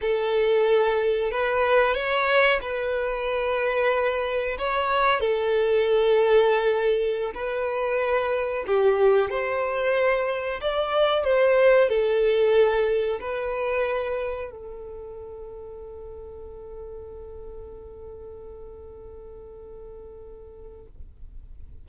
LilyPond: \new Staff \with { instrumentName = "violin" } { \time 4/4 \tempo 4 = 92 a'2 b'4 cis''4 | b'2. cis''4 | a'2.~ a'16 b'8.~ | b'4~ b'16 g'4 c''4.~ c''16~ |
c''16 d''4 c''4 a'4.~ a'16~ | a'16 b'2 a'4.~ a'16~ | a'1~ | a'1 | }